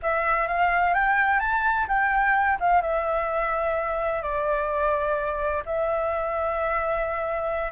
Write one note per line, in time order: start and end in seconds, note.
0.02 0.47 E5
0.47 0.94 F5
0.94 1.39 G5
1.39 1.86 A5
1.87 2.58 G5
2.60 2.81 F5
2.81 4.22 E5
4.22 5.63 D5
5.65 7.71 E5